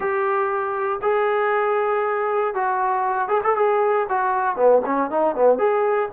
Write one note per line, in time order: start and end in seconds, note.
0.00 0.99 G4
1.02 2.54 G#4
2.54 3.28 F#4
3.28 3.41 G#4
3.43 3.55 A4
3.55 4.06 G#4
4.09 4.56 F#4
4.56 4.81 B3
4.85 5.10 C#4
5.10 5.35 D#4
5.35 5.58 B3
5.58 6.09 G#4